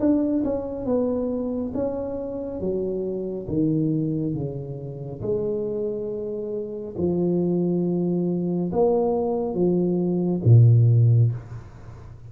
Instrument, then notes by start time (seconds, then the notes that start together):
tuba
0.00 D4
0.45 C#4
0.86 B3
1.75 C#4
2.61 F#3
3.48 D#3
4.35 C#3
5.22 G#3
6.98 F3
8.73 A#3
9.55 F3
10.45 A#2